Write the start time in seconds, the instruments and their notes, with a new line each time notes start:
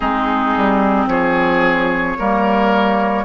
0.00 bassoon G#3, clarinet C4, oboe D#4, flute G#4
0.56 bassoon G3
1.06 bassoon F3, oboe G#4, flute C#5
2.18 bassoon G3, clarinet A#3, oboe A#4